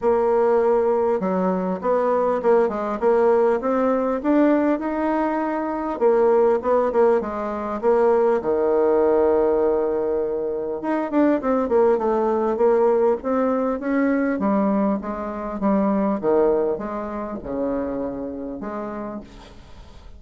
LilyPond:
\new Staff \with { instrumentName = "bassoon" } { \time 4/4 \tempo 4 = 100 ais2 fis4 b4 | ais8 gis8 ais4 c'4 d'4 | dis'2 ais4 b8 ais8 | gis4 ais4 dis2~ |
dis2 dis'8 d'8 c'8 ais8 | a4 ais4 c'4 cis'4 | g4 gis4 g4 dis4 | gis4 cis2 gis4 | }